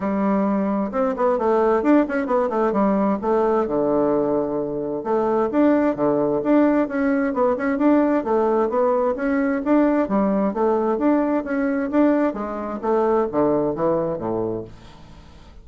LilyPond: \new Staff \with { instrumentName = "bassoon" } { \time 4/4 \tempo 4 = 131 g2 c'8 b8 a4 | d'8 cis'8 b8 a8 g4 a4 | d2. a4 | d'4 d4 d'4 cis'4 |
b8 cis'8 d'4 a4 b4 | cis'4 d'4 g4 a4 | d'4 cis'4 d'4 gis4 | a4 d4 e4 a,4 | }